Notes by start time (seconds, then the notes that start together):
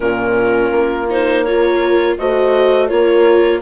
0.00 A#2 C#4 F4 A#4
0.71 A#3
1.10 D#4 C5
1.43 F4 A#4 C#5
2.18 A3 F#4 C5 D#5
2.87 A#3 F4 A#4 C#5